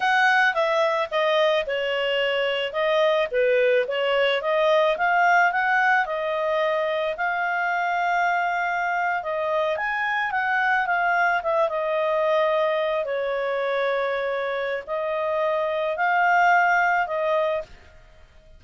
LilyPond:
\new Staff \with { instrumentName = "clarinet" } { \time 4/4 \tempo 4 = 109 fis''4 e''4 dis''4 cis''4~ | cis''4 dis''4 b'4 cis''4 | dis''4 f''4 fis''4 dis''4~ | dis''4 f''2.~ |
f''8. dis''4 gis''4 fis''4 f''16~ | f''8. e''8 dis''2~ dis''8 cis''16~ | cis''2. dis''4~ | dis''4 f''2 dis''4 | }